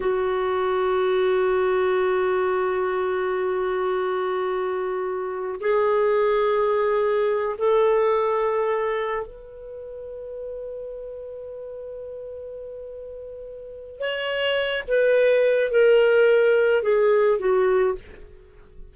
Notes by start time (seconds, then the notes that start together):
0.00 F#4
5.60 G#4
7.58 A4
9.26 B4
13.99 C#5
14.87 B4
15.71 A#4
16.82 G#4
17.39 F#4